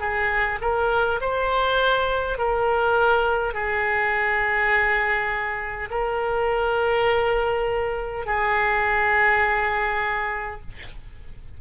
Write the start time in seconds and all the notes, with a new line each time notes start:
0.00 G#4
0.61 A#4
1.21 C5
2.38 A#4
3.54 G#4
5.91 A#4
8.26 G#4